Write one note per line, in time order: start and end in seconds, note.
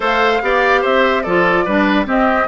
0.00 0.40 A3
0.00 0.41 A4
0.00 0.42 C5
0.00 0.84 F5
0.42 0.83 B3
0.42 1.24 G4
0.42 0.81 D5
0.81 1.26 C4
0.81 1.22 C5
0.81 1.22 E5
1.22 1.66 F3
1.22 1.67 F4
1.22 1.64 A4
1.22 2.05 D5
1.64 2.06 G3
1.64 2.05 D4
1.64 2.06 B4
2.05 2.46 C4
2.05 2.48 C4
2.05 2.48 G4
2.05 2.48 D#5